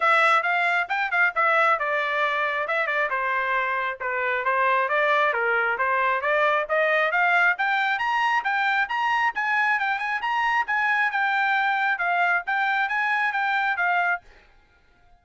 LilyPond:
\new Staff \with { instrumentName = "trumpet" } { \time 4/4 \tempo 4 = 135 e''4 f''4 g''8 f''8 e''4 | d''2 e''8 d''8 c''4~ | c''4 b'4 c''4 d''4 | ais'4 c''4 d''4 dis''4 |
f''4 g''4 ais''4 g''4 | ais''4 gis''4 g''8 gis''8 ais''4 | gis''4 g''2 f''4 | g''4 gis''4 g''4 f''4 | }